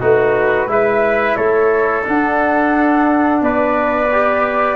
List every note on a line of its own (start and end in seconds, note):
0.00 0.67 A3
0.00 0.67 D#4
0.00 0.68 F#4
0.00 0.71 B4
0.67 1.36 G#3
0.67 2.04 E4
0.67 1.37 B4
0.67 1.36 E5
1.36 2.06 A3
1.36 3.41 A4
1.36 2.04 C#5
2.04 4.08 D4
2.04 3.42 D4
2.04 3.43 F#5
3.42 4.76 B3
3.42 4.76 B4
3.42 4.76 D5
4.12 4.76 G4